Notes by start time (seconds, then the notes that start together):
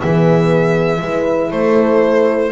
0.00 E3 B3 G#4 E5
1.02 G#3 E4 B4
1.49 A3 A4 C5